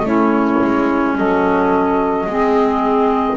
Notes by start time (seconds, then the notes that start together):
0.00 A3 C#4 E4 C#5
0.63 G#3
1.17 F#3 A4 D#5
2.25 G#3 C4 G#4